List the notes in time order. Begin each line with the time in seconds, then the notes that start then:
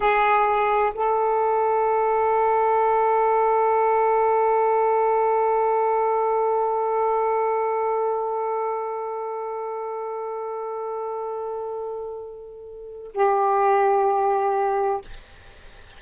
0.00 G#4
0.94 A4
13.14 G4